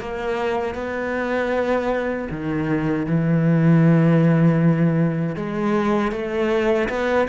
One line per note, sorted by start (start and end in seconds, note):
0.00 0.74 A#3
0.74 2.28 B3
2.31 3.06 D#3
3.06 5.36 E3
5.36 6.12 G#3
6.12 6.89 A3
6.89 7.27 B3